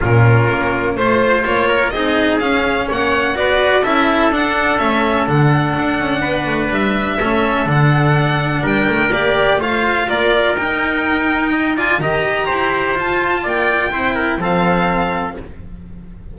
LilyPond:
<<
  \new Staff \with { instrumentName = "violin" } { \time 4/4 \tempo 4 = 125 ais'2 c''4 cis''4 | dis''4 f''4 fis''4 d''4 | e''4 fis''4 e''4 fis''4~ | fis''2 e''2 |
fis''2 g''4 d''4 | f''4 d''4 g''2~ | g''8 gis''8 ais''2 a''4 | g''2 f''2 | }
  \new Staff \with { instrumentName = "trumpet" } { \time 4/4 f'2 c''4. ais'8 | gis'2 cis''4 b'4 | a'1~ | a'4 b'2 a'4~ |
a'2 ais'2 | c''4 ais'2. | dis''8 d''8 dis''4 c''2 | d''4 c''8 ais'8 a'2 | }
  \new Staff \with { instrumentName = "cello" } { \time 4/4 cis'2 f'2 | dis'4 cis'2 fis'4 | e'4 d'4 cis'4 d'4~ | d'2. cis'4 |
d'2. g'4 | f'2 dis'2~ | dis'8 f'8 g'2 f'4~ | f'4 e'4 c'2 | }
  \new Staff \with { instrumentName = "double bass" } { \time 4/4 ais,4 ais4 a4 ais4 | c'4 cis'4 ais4 b4 | cis'4 d'4 a4 d4 | d'8 cis'8 b8 a8 g4 a4 |
d2 g8 a8 ais4 | a4 ais4 dis'2~ | dis'4 dis4 e'4 f'4 | ais4 c'4 f2 | }
>>